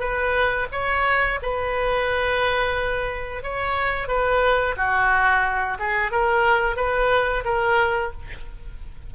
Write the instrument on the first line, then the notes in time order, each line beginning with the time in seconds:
oboe
0.00 B4
0.72 C#5
1.42 B4
3.43 C#5
4.08 B4
4.77 F#4
5.79 G#4
6.12 A#4
6.77 B4
7.45 A#4